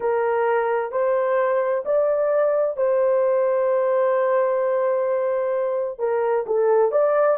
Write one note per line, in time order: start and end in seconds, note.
0.00 0.91 A#4
0.91 1.84 C5
1.85 2.77 D5
2.77 5.98 C5
5.98 6.44 A#4
6.46 6.91 A4
6.91 7.37 D5